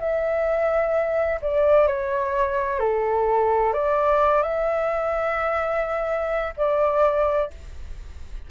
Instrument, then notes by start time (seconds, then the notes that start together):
flute
0.00 E5
1.42 D5
1.87 C#5
2.80 A4
3.74 D5
4.43 E5
6.57 D5